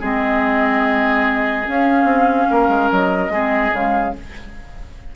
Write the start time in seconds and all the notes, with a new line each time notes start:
0.00 G#3 C4 G#4 D#5
1.66 C#4 F5
2.04 C4
2.50 A#3 A#4
2.69 G#3
2.92 F#3 D#5
3.29 G#3 C4 G#4
3.72 C#3 G#3 F5